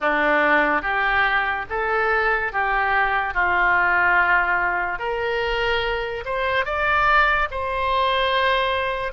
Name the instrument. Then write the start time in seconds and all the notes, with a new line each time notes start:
oboe
0.00 D4
0.82 G4
1.69 A4
2.52 G4
3.33 F4
4.98 A#4
6.25 C5
6.65 D5
7.50 C5